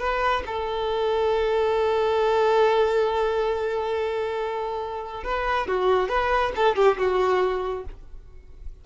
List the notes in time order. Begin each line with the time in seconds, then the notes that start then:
0.00 B4
0.47 A4
5.24 B4
5.68 F#4
6.09 B4
6.56 A4
6.76 G4
6.98 F#4